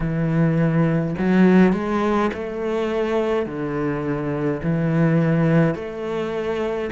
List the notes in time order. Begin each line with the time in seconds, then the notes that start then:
0.00 E3
1.18 F#3
1.73 G#3
2.33 A3
3.46 D3
4.62 E3
5.74 A3